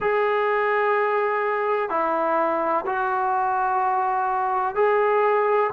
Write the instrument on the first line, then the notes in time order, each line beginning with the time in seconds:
trombone
0.00 G#4
1.89 E4
2.86 F#4
4.74 G#4